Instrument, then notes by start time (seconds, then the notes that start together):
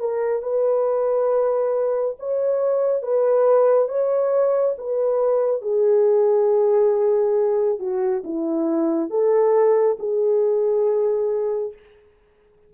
horn
0.00 A#4
0.43 B4
2.19 C#5
3.03 B4
3.89 C#5
4.79 B4
5.62 G#4
7.80 F#4
8.25 E4
9.11 A4
10.00 G#4